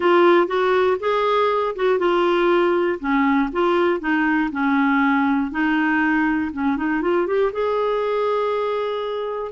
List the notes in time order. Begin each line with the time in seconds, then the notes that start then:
0.00 F4
0.47 F#4
1.00 G#4
1.75 F#4
1.98 F4
2.99 C#4
3.52 F4
4.00 D#4
4.51 C#4
5.51 D#4
6.52 C#4
6.76 D#4
7.01 F4
7.26 G4
7.52 G#4